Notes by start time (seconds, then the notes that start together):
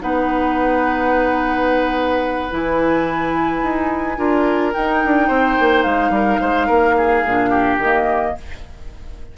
0.00 B3 D#4 B4 F#5
2.50 E3 E4 G#5
3.63 D#4
4.17 D4 F4 A#4
4.73 D#4 G5
5.05 D4
5.28 C4 C5
5.60 A#3
5.83 G#3 F5
6.10 G3 A#4
6.41 G#3 C5
6.67 A#3 A#4
6.97 G#4
7.25 A#2 D4
7.50 G4
7.78 D#3 A#3 D#5